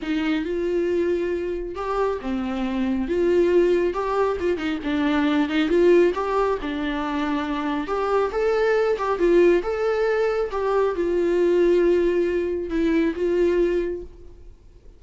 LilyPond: \new Staff \with { instrumentName = "viola" } { \time 4/4 \tempo 4 = 137 dis'4 f'2. | g'4 c'2 f'4~ | f'4 g'4 f'8 dis'8 d'4~ | d'8 dis'8 f'4 g'4 d'4~ |
d'2 g'4 a'4~ | a'8 g'8 f'4 a'2 | g'4 f'2.~ | f'4 e'4 f'2 | }